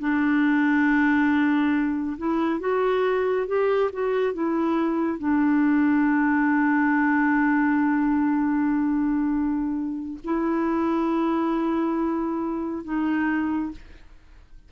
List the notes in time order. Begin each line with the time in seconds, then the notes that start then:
0.00 D4
2.18 E4
2.60 F#4
3.47 G4
3.93 F#4
4.34 E4
5.19 D4
10.25 E4
12.85 D#4